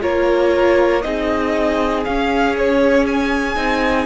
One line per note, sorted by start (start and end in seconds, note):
0.00 1.04 A#3
0.00 1.02 F4
0.00 1.04 A#4
0.00 1.02 C#5
1.02 2.06 C4
1.02 2.04 D#4
1.02 4.06 G#4
1.02 2.03 D#5
2.04 3.56 C#4
2.04 2.55 F5
2.58 3.06 C#5
3.06 4.06 G#5
3.56 4.06 C4
3.56 4.06 D#4